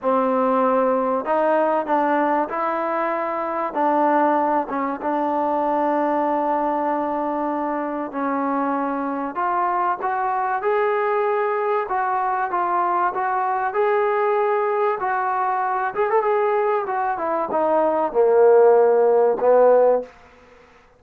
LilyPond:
\new Staff \with { instrumentName = "trombone" } { \time 4/4 \tempo 4 = 96 c'2 dis'4 d'4 | e'2 d'4. cis'8 | d'1~ | d'4 cis'2 f'4 |
fis'4 gis'2 fis'4 | f'4 fis'4 gis'2 | fis'4. gis'16 a'16 gis'4 fis'8 e'8 | dis'4 ais2 b4 | }